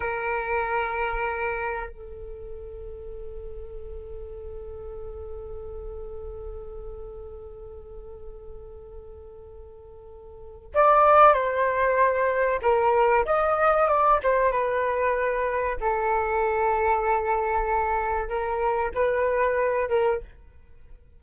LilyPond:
\new Staff \with { instrumentName = "flute" } { \time 4/4 \tempo 4 = 95 ais'2. a'4~ | a'1~ | a'1~ | a'1~ |
a'4 d''4 c''2 | ais'4 dis''4 d''8 c''8 b'4~ | b'4 a'2.~ | a'4 ais'4 b'4. ais'8 | }